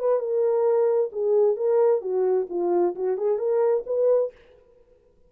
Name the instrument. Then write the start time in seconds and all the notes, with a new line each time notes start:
horn
0.00 B4
0.20 A#4
1.13 G#4
1.57 A#4
2.02 F#4
2.50 F4
2.96 F#4
3.18 G#4
3.39 A#4
3.87 B4